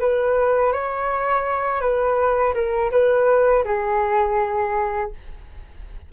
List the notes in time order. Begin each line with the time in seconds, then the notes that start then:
0.00 B4
0.73 C#5
1.81 B4
2.54 A#4
2.91 B4
3.65 G#4